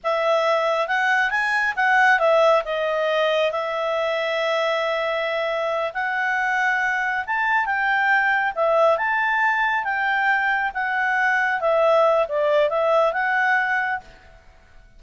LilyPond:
\new Staff \with { instrumentName = "clarinet" } { \time 4/4 \tempo 4 = 137 e''2 fis''4 gis''4 | fis''4 e''4 dis''2 | e''1~ | e''4. fis''2~ fis''8~ |
fis''8 a''4 g''2 e''8~ | e''8 a''2 g''4.~ | g''8 fis''2 e''4. | d''4 e''4 fis''2 | }